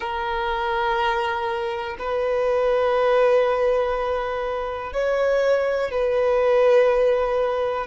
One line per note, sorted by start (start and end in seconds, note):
0.00 1.97 A#4
1.99 4.92 B4
4.92 5.91 C#5
5.91 7.86 B4